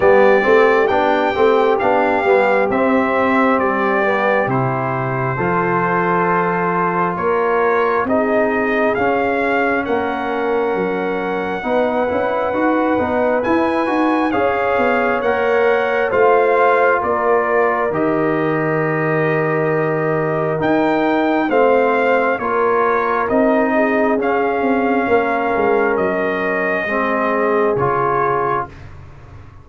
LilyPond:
<<
  \new Staff \with { instrumentName = "trumpet" } { \time 4/4 \tempo 4 = 67 d''4 g''4 f''4 e''4 | d''4 c''2. | cis''4 dis''4 f''4 fis''4~ | fis''2. gis''4 |
f''4 fis''4 f''4 d''4 | dis''2. g''4 | f''4 cis''4 dis''4 f''4~ | f''4 dis''2 cis''4 | }
  \new Staff \with { instrumentName = "horn" } { \time 4/4 g'1~ | g'2 a'2 | ais'4 gis'2 ais'4~ | ais'4 b'2. |
cis''2 c''4 ais'4~ | ais'1 | c''4 ais'4. gis'4. | ais'2 gis'2 | }
  \new Staff \with { instrumentName = "trombone" } { \time 4/4 b8 c'8 d'8 c'8 d'8 b8 c'4~ | c'8 b8 e'4 f'2~ | f'4 dis'4 cis'2~ | cis'4 dis'8 e'8 fis'8 dis'8 e'8 fis'8 |
gis'4 ais'4 f'2 | g'2. dis'4 | c'4 f'4 dis'4 cis'4~ | cis'2 c'4 f'4 | }
  \new Staff \with { instrumentName = "tuba" } { \time 4/4 g8 a8 b8 a8 b8 g8 c'4 | g4 c4 f2 | ais4 c'4 cis'4 ais4 | fis4 b8 cis'8 dis'8 b8 e'8 dis'8 |
cis'8 b8 ais4 a4 ais4 | dis2. dis'4 | a4 ais4 c'4 cis'8 c'8 | ais8 gis8 fis4 gis4 cis4 | }
>>